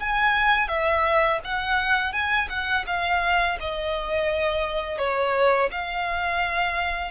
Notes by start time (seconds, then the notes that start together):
0.00 G#5
0.69 E5
1.44 F#5
2.13 G#5
2.50 F#5
2.87 F5
3.60 D#5
4.99 C#5
5.72 F5